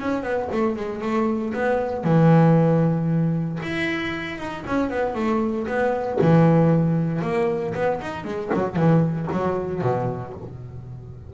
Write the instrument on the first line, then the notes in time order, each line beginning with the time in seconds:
double bass
0.00 C#4
0.23 B3
0.52 A3
0.76 G#3
1.02 A3
1.54 B3
2.04 E3
3.63 E4
4.39 D#4
4.67 C#4
4.90 B3
5.15 A3
5.68 B3
6.22 E3
7.22 A#3
7.75 B3
8.02 D#4
8.25 G#3
8.54 F#3
8.76 E3
9.33 F#3
9.82 B2